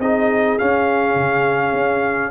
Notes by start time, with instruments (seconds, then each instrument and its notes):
0.00 tuba C4, trombone D#4, horn G#4, trumpet D#5
0.59 trombone C#4, tuba C#4, trumpet F5
1.15 tuba C#3
1.73 tuba C#4